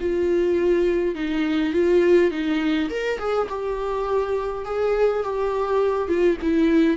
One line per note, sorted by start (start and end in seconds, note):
0.00 1.15 F4
1.15 1.73 D#4
1.73 2.31 F4
2.31 2.89 D#4
2.89 3.19 A#4
3.19 3.48 G#4
3.49 4.65 G4
4.65 5.23 G#4
5.23 6.08 G4
6.08 6.37 F4
6.42 6.97 E4